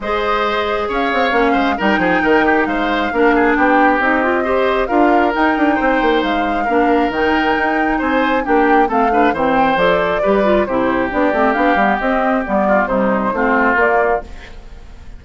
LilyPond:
<<
  \new Staff \with { instrumentName = "flute" } { \time 4/4 \tempo 4 = 135 dis''2 f''2 | g''2 f''2 | g''4 dis''2 f''4 | g''2 f''2 |
g''2 gis''4 g''4 | f''4 g''4 d''2 | c''4 d''4 f''4 dis''4 | d''4 c''2 d''4 | }
  \new Staff \with { instrumentName = "oboe" } { \time 4/4 c''2 cis''4. c''8 | ais'8 gis'8 ais'8 g'8 c''4 ais'8 gis'8 | g'2 c''4 ais'4~ | ais'4 c''2 ais'4~ |
ais'2 c''4 g'4 | a'8 b'8 c''2 b'4 | g'1~ | g'8 f'8 dis'4 f'2 | }
  \new Staff \with { instrumentName = "clarinet" } { \time 4/4 gis'2. cis'4 | dis'2. d'4~ | d'4 dis'8 f'8 g'4 f'4 | dis'2. d'4 |
dis'2. d'4 | c'8 d'8 c'4 a'4 g'8 f'8 | e'4 d'8 c'8 d'8 b8 c'4 | b4 g4 c'4 ais4 | }
  \new Staff \with { instrumentName = "bassoon" } { \time 4/4 gis2 cis'8 c'8 ais8 gis8 | g8 f8 dis4 gis4 ais4 | b4 c'2 d'4 | dis'8 d'8 c'8 ais8 gis4 ais4 |
dis4 dis'4 c'4 ais4 | a4 e4 f4 g4 | c4 b8 a8 b8 g8 c'4 | g4 c4 a4 ais4 | }
>>